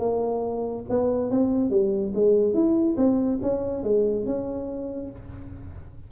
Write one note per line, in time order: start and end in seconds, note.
0.00 0.85 A#3
0.90 1.31 B3
1.31 1.71 C4
1.71 2.13 G3
2.15 2.54 G#3
2.54 2.96 E4
2.98 3.40 C4
3.43 3.84 C#4
3.84 4.26 G#3
4.26 5.11 C#4